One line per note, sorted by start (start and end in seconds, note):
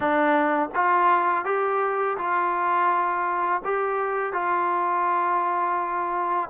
0.00 0.69 D4
0.75 1.45 F4
1.45 2.17 G4
2.17 3.62 F4
3.64 4.32 G4
4.32 6.49 F4